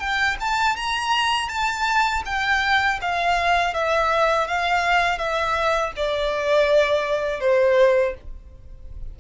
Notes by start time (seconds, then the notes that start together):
0.00 G5
0.41 A5
0.76 A#5
1.49 A5
2.26 G5
3.02 F5
3.74 E5
4.48 F5
5.19 E5
5.97 D5
7.41 C5